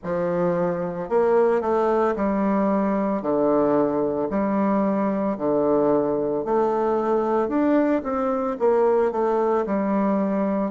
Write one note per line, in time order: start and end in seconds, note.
0.03 1.09 F3
1.09 1.61 A#3
1.61 2.14 A3
2.16 3.21 G3
3.21 4.29 D3
4.30 5.37 G3
5.37 6.44 D3
6.44 7.48 A3
7.48 8.02 D4
8.03 8.57 C4
8.59 9.11 A#3
9.11 9.65 A3
9.65 10.71 G3